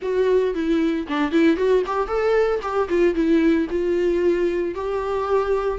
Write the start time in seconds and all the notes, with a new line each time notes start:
0.01 F#4
0.54 E4
1.07 D4
1.31 E4
1.56 F#4
1.86 G4
2.07 A4
2.62 G4
2.88 F4
3.14 E4
3.69 F4
4.74 G4